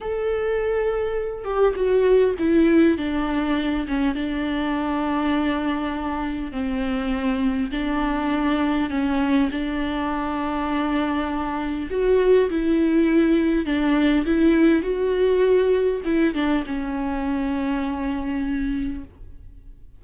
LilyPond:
\new Staff \with { instrumentName = "viola" } { \time 4/4 \tempo 4 = 101 a'2~ a'8 g'8 fis'4 | e'4 d'4. cis'8 d'4~ | d'2. c'4~ | c'4 d'2 cis'4 |
d'1 | fis'4 e'2 d'4 | e'4 fis'2 e'8 d'8 | cis'1 | }